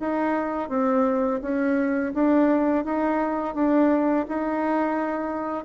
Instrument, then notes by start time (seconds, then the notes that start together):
bassoon
0.00 D#4
0.69 C4
1.42 C#4
2.14 D4
2.85 D#4
3.55 D4
4.28 D#4